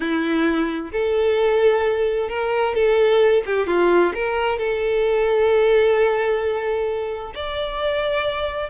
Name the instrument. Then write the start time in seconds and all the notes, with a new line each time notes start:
violin
0.00 E4
0.92 A4
2.29 A#4
2.74 A4
3.45 G4
3.66 F4
4.14 A#4
4.58 A4
7.34 D5